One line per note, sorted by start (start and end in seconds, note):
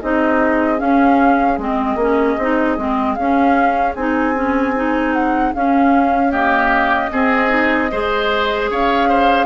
0.00 0.81 C4
0.00 0.78 D#4
0.00 6.31 G#4
0.00 0.79 D#5
0.78 1.57 C#4
0.78 1.58 C#4
0.78 1.58 F5
1.58 1.96 G#3
1.58 1.99 C4
1.58 3.14 D#5
1.96 2.35 A#3
1.96 2.39 C#4
2.38 2.77 C4
2.38 2.78 D#4
2.78 3.17 G#3
2.78 3.17 C4
3.14 3.95 C#4
3.14 3.97 C#4
3.14 3.93 F5
3.95 5.53 C4
3.95 4.34 D#4
3.95 5.13 G#5
4.34 4.74 C#4
4.76 5.54 D#4
5.13 5.53 F#5
5.54 6.31 C#4
5.54 7.12 C#4
5.54 6.32 F5
6.31 7.10 A#3
6.31 7.10 G4
6.31 8.69 D#5
7.11 7.49 C4
7.11 7.91 C4
7.11 7.91 G#4
7.49 7.88 D#4
7.91 8.70 G#3
7.91 9.46 G#4
7.91 8.70 C5
8.70 9.46 C#4
8.70 9.09 C#5
8.70 9.46 F5
9.09 9.46 C5